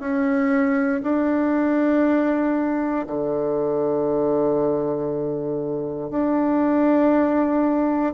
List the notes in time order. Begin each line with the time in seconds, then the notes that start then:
0.00 C#4
1.03 D4
3.07 D3
6.11 D4